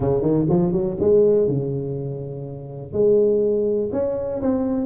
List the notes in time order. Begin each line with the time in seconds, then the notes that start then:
0.00 C#3
0.21 D#3
0.49 F3
0.72 F#3
1.00 G#3
1.47 C#3
2.92 G#3
3.92 C#4
4.41 C4